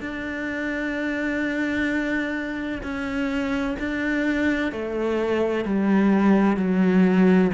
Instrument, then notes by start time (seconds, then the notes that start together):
cello
0.00 D4
2.83 C#4
3.79 D4
4.72 A3
5.65 G3
6.57 F#3